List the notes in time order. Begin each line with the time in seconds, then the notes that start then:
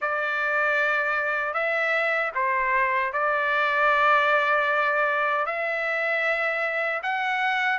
0.01 D5
1.53 E5
2.34 C5
3.12 D5
5.45 E5
7.02 F#5